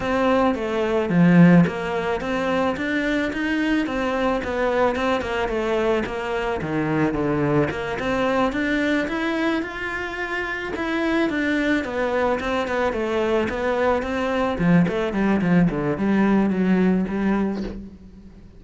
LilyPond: \new Staff \with { instrumentName = "cello" } { \time 4/4 \tempo 4 = 109 c'4 a4 f4 ais4 | c'4 d'4 dis'4 c'4 | b4 c'8 ais8 a4 ais4 | dis4 d4 ais8 c'4 d'8~ |
d'8 e'4 f'2 e'8~ | e'8 d'4 b4 c'8 b8 a8~ | a8 b4 c'4 f8 a8 g8 | f8 d8 g4 fis4 g4 | }